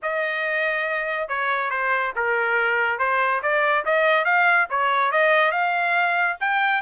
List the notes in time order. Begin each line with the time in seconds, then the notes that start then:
0.02 D#5
1.28 C#5
1.70 C5
2.15 A#4
2.98 C5
3.42 D5
3.85 D#5
4.24 F5
4.70 C#5
5.11 D#5
5.51 F5
6.40 G5